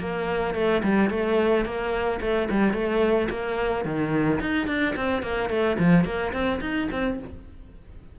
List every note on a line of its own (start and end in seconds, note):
0.00 0.54 A#3
0.54 0.82 A3
0.83 1.10 G3
1.10 1.65 A3
1.65 2.20 A#3
2.21 2.48 A3
2.50 2.73 G3
2.73 3.28 A3
3.30 3.85 A#3
3.85 4.40 D#3
4.41 4.67 D#4
4.67 4.95 D4
4.96 5.22 C4
5.22 5.49 A#3
5.49 5.77 A3
5.79 6.05 F3
6.05 6.32 A#3
6.33 6.60 C4
6.61 6.88 D#4
6.92 7.19 C4